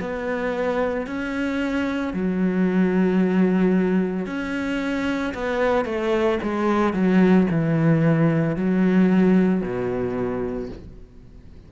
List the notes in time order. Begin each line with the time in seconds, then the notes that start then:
0.00 B3
1.07 C#4
2.13 F#3
4.26 C#4
5.34 B3
5.85 A3
6.43 G#3
6.94 F#3
7.51 E3
8.56 F#3
9.62 B2